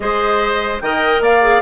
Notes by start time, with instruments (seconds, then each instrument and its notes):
0.00 bassoon G#3, clarinet G#4, oboe C5, flute D#5
0.80 bassoon D#3, clarinet A#4, oboe D#5, flute G5
1.20 bassoon A#3, oboe D5, flute F5
1.41 clarinet G#4